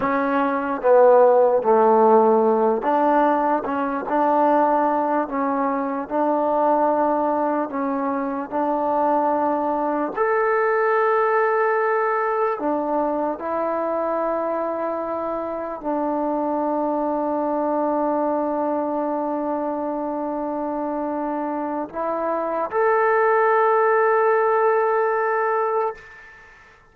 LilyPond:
\new Staff \with { instrumentName = "trombone" } { \time 4/4 \tempo 4 = 74 cis'4 b4 a4. d'8~ | d'8 cis'8 d'4. cis'4 d'8~ | d'4. cis'4 d'4.~ | d'8 a'2. d'8~ |
d'8 e'2. d'8~ | d'1~ | d'2. e'4 | a'1 | }